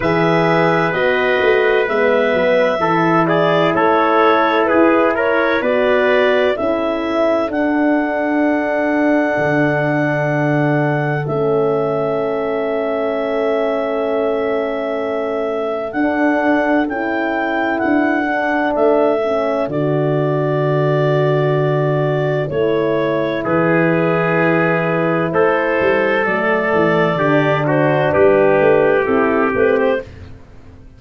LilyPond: <<
  \new Staff \with { instrumentName = "clarinet" } { \time 4/4 \tempo 4 = 64 e''4 dis''4 e''4. d''8 | cis''4 b'8 cis''8 d''4 e''4 | fis''1 | e''1~ |
e''4 fis''4 g''4 fis''4 | e''4 d''2. | cis''4 b'2 c''4 | d''4. c''8 b'4 a'8 b'16 c''16 | }
  \new Staff \with { instrumentName = "trumpet" } { \time 4/4 b'2. a'8 gis'8 | a'4 gis'8 ais'8 b'4 a'4~ | a'1~ | a'1~ |
a'1~ | a'1~ | a'4 gis'2 a'4~ | a'4 g'8 fis'8 g'2 | }
  \new Staff \with { instrumentName = "horn" } { \time 4/4 gis'4 fis'4 b4 e'4~ | e'2 fis'4 e'4 | d'1 | cis'1~ |
cis'4 d'4 e'4. d'8~ | d'8 cis'8 fis'2. | e'1 | a4 d'2 e'8 c'8 | }
  \new Staff \with { instrumentName = "tuba" } { \time 4/4 e4 b8 a8 gis8 fis8 e4 | a4 e'4 b4 cis'4 | d'2 d2 | a1~ |
a4 d'4 cis'4 d'4 | a4 d2. | a4 e2 a8 g8 | fis8 e8 d4 g8 a8 c'8 a8 | }
>>